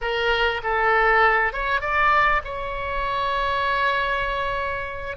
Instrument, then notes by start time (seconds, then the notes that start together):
oboe
0.01 A#4
0.63 A4
1.53 C#5
1.80 D5
2.44 C#5